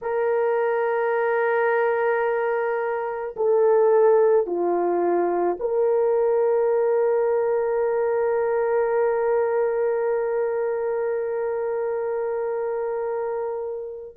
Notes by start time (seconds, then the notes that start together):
0.01 A#4
3.36 A4
4.46 F4
5.59 A#4